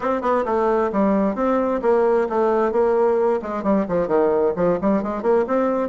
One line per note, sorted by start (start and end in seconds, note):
0.00 0.21 C4
0.21 0.44 B3
0.45 0.90 A3
0.92 1.35 G3
1.35 1.80 C4
1.82 2.27 A#3
2.29 2.71 A3
2.71 3.40 A#3
3.42 3.63 G#3
3.63 3.86 G3
3.88 4.07 F3
4.07 4.53 D#3
4.56 4.78 F3
4.81 5.02 G3
5.02 5.22 G#3
5.22 5.45 A#3
5.47 5.89 C4